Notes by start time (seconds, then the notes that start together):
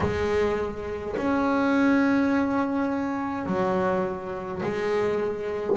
0.00 G#3
1.16 C#4
3.46 F#3
4.62 G#3